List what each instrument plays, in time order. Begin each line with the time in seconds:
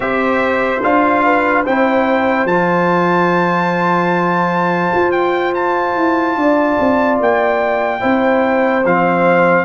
0.00 tuba C4, trombone G4, horn C5, trumpet E5
0.83 tuba D4, trombone F4, trumpet F5
1.24 horn B4
1.63 tuba C4, trombone E4, horn C5, trumpet G5
2.44 tuba F3, trombone F4, trumpet A5
4.94 tuba F4
5.11 trumpet G5
5.54 trumpet A5
5.95 tuba E4
6.36 tuba D4, horn D5
6.79 tuba C4
7.20 tuba A#3, trumpet G5
8.00 tuba C4, trombone E4, horn C5
8.84 tuba F3, trombone C4, trumpet F5